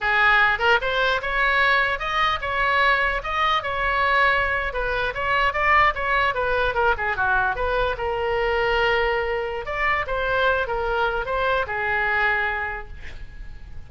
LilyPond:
\new Staff \with { instrumentName = "oboe" } { \time 4/4 \tempo 4 = 149 gis'4. ais'8 c''4 cis''4~ | cis''4 dis''4 cis''2 | dis''4 cis''2~ cis''8. b'16~ | b'8. cis''4 d''4 cis''4 b'16~ |
b'8. ais'8 gis'8 fis'4 b'4 ais'16~ | ais'1 | d''4 c''4. ais'4. | c''4 gis'2. | }